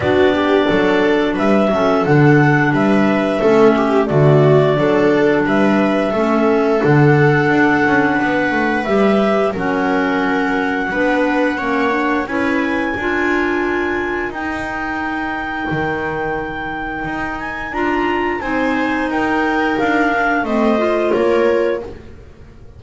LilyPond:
<<
  \new Staff \with { instrumentName = "clarinet" } { \time 4/4 \tempo 4 = 88 d''2 e''4 fis''4 | e''2 d''2 | e''2 fis''2~ | fis''4 e''4 fis''2~ |
fis''2 gis''2~ | gis''4 g''2.~ | g''4. gis''8 ais''4 gis''4 | g''4 f''4 dis''4 cis''4 | }
  \new Staff \with { instrumentName = "viola" } { \time 4/4 fis'8 g'8 a'4 b'8 a'4. | b'4 a'8 g'8 fis'4 a'4 | b'4 a'2. | b'2 ais'2 |
b'4 cis''4 b'4 ais'4~ | ais'1~ | ais'2. c''4 | ais'2 c''4 ais'4 | }
  \new Staff \with { instrumentName = "clarinet" } { \time 4/4 d'2~ d'8 cis'8 d'4~ | d'4 cis'4 a4 d'4~ | d'4 cis'4 d'2~ | d'4 g'4 cis'2 |
d'4 cis'8 d'8 e'4 f'4~ | f'4 dis'2.~ | dis'2 f'4 dis'4~ | dis'4. d'8 c'8 f'4. | }
  \new Staff \with { instrumentName = "double bass" } { \time 4/4 b4 fis4 g8 fis8 d4 | g4 a4 d4 fis4 | g4 a4 d4 d'8 cis'8 | b8 a8 g4 fis2 |
b4 ais4 cis'4 d'4~ | d'4 dis'2 dis4~ | dis4 dis'4 d'4 c'4 | dis'4 d'4 a4 ais4 | }
>>